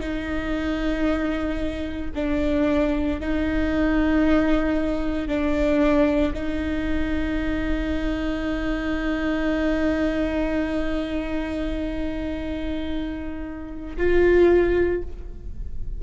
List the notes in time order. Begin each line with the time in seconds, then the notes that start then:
0.00 D#4
2.14 D4
3.20 D#4
5.28 D4
6.33 D#4
13.97 F4